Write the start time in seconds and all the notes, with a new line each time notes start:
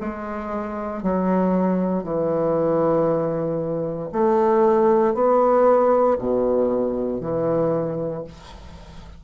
0.00 G#3
1.02 F#3
2.03 E3
4.12 A3
5.14 B3
6.18 B2
7.20 E3